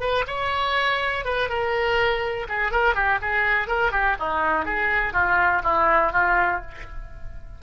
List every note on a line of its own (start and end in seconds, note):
0.00 0.24 B4
0.27 1.25 C#5
1.25 1.49 B4
1.49 2.47 A#4
2.49 2.71 G#4
2.71 2.94 A#4
2.94 3.19 G4
3.21 3.67 G#4
3.67 3.92 A#4
3.92 4.16 G4
4.19 4.65 D#4
4.65 5.13 G#4
5.13 5.62 F4
5.63 6.12 E4
6.12 6.61 F4